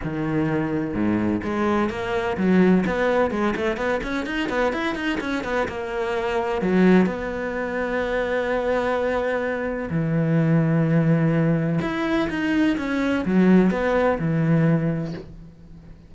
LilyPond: \new Staff \with { instrumentName = "cello" } { \time 4/4 \tempo 4 = 127 dis2 gis,4 gis4 | ais4 fis4 b4 gis8 a8 | b8 cis'8 dis'8 b8 e'8 dis'8 cis'8 b8 | ais2 fis4 b4~ |
b1~ | b4 e2.~ | e4 e'4 dis'4 cis'4 | fis4 b4 e2 | }